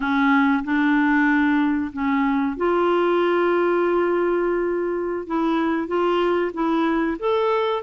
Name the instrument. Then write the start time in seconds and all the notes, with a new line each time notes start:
clarinet
0.00 C#4
0.64 D4
1.93 C#4
2.56 F4
5.27 E4
5.87 F4
6.53 E4
7.19 A4